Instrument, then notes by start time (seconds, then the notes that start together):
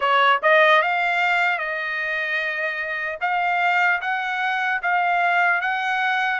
trumpet
0.00 C#5
0.42 D#5
0.82 F5
1.58 D#5
3.20 F5
4.01 F#5
4.82 F5
5.61 F#5